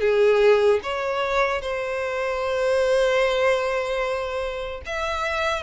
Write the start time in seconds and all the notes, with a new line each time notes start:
0.00 G#4
0.83 C#5
1.61 C5
4.85 E5